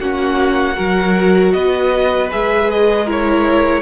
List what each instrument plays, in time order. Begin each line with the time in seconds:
0.00 cello A#3, viola C#4, violin F#4 F#5
0.75 cello F#3, viola F#4, violin A#4
1.53 cello B3, violin B4 D#5
2.31 cello G#3, viola G#4, violin E5
2.71 violin D#5
3.05 viola E4, violin A#4
3.12 violin C#5